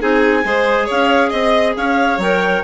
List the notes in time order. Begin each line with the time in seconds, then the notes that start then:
0.00 C4 D#4 G#4 G#5
0.44 G#3 G#4 C5
0.86 C#4 C#5 F5
1.30 C4 D#5
1.77 C#4 C#5 F5
2.18 F#3 A#4 G5